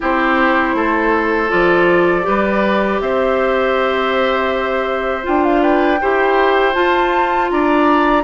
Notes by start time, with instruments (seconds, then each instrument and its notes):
0.00 bassoon C4, clarinet E4, oboe G4, flute C5
0.74 bassoon A3, oboe A4
1.49 bassoon F3, clarinet F4, flute D5
2.21 bassoon G3, clarinet G4, oboe B4
3.00 bassoon C4, oboe C5, flute E5
5.22 bassoon D4, clarinet F4, flute G5
5.44 flute F5
5.62 oboe B4, flute G5
6.00 bassoon E4, clarinet G4, oboe C5
6.73 clarinet F4, bassoon F4, flute A5
7.49 bassoon D4, oboe D5, flute A#5